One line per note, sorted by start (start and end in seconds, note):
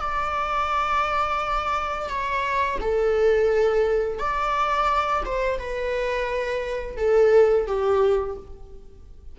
0.00 2.09 D5
2.09 2.78 C#5
2.81 4.19 A4
4.19 5.23 D5
5.25 5.59 C5
5.59 6.97 B4
6.97 7.67 A4
7.67 8.37 G4